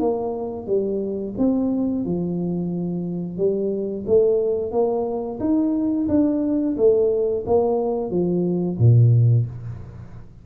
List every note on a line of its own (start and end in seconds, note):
0.00 0.67 A#3
0.67 1.35 G3
1.38 2.05 C4
2.05 3.38 F3
3.38 4.05 G3
4.07 4.72 A3
4.72 5.39 A#3
5.40 6.08 D#4
6.09 6.76 D4
6.77 7.45 A3
7.46 8.11 A#3
8.11 8.78 F3
8.79 9.46 A#2